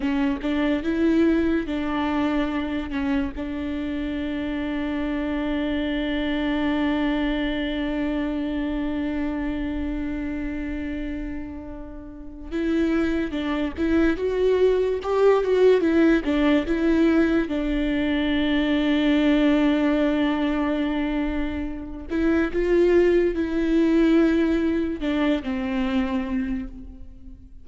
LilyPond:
\new Staff \with { instrumentName = "viola" } { \time 4/4 \tempo 4 = 72 cis'8 d'8 e'4 d'4. cis'8 | d'1~ | d'1~ | d'2. e'4 |
d'8 e'8 fis'4 g'8 fis'8 e'8 d'8 | e'4 d'2.~ | d'2~ d'8 e'8 f'4 | e'2 d'8 c'4. | }